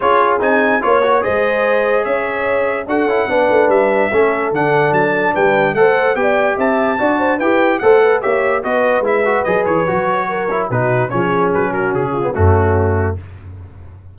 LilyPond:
<<
  \new Staff \with { instrumentName = "trumpet" } { \time 4/4 \tempo 4 = 146 cis''4 gis''4 cis''4 dis''4~ | dis''4 e''2 fis''4~ | fis''4 e''2 fis''4 | a''4 g''4 fis''4 g''4 |
a''2 g''4 fis''4 | e''4 dis''4 e''4 dis''8 cis''8~ | cis''2 b'4 cis''4 | b'8 ais'8 gis'4 fis'2 | }
  \new Staff \with { instrumentName = "horn" } { \time 4/4 gis'2 cis''4 c''4~ | c''4 cis''2 a'4 | b'2 a'2~ | a'4 b'4 c''4 d''4 |
e''4 d''8 c''8 b'4 c''8 b'8 | cis''4 b'2.~ | b'4 ais'4 fis'4 gis'4~ | gis'8 fis'4 f'8 cis'2 | }
  \new Staff \with { instrumentName = "trombone" } { \time 4/4 f'4 dis'4 f'8 fis'8 gis'4~ | gis'2. fis'8 e'8 | d'2 cis'4 d'4~ | d'2 a'4 g'4~ |
g'4 fis'4 g'4 a'4 | g'4 fis'4 e'8 fis'8 gis'4 | fis'4. e'8 dis'4 cis'4~ | cis'4.~ cis'16 b16 a2 | }
  \new Staff \with { instrumentName = "tuba" } { \time 4/4 cis'4 c'4 ais4 gis4~ | gis4 cis'2 d'8 cis'8 | b8 a8 g4 a4 d4 | fis4 g4 a4 b4 |
c'4 d'4 e'4 a4 | ais4 b4 gis4 fis8 e8 | fis2 b,4 f4 | fis4 cis4 fis,2 | }
>>